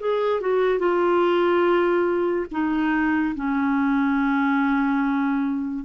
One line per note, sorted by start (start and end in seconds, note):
0.00 0.41 G#4
0.41 0.79 F#4
0.79 2.46 F4
2.52 3.35 D#4
3.36 5.85 C#4